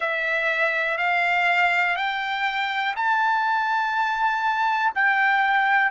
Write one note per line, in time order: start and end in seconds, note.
0.00 0.97 E5
0.97 1.95 F5
1.96 2.94 G5
2.96 4.92 A5
4.94 5.91 G5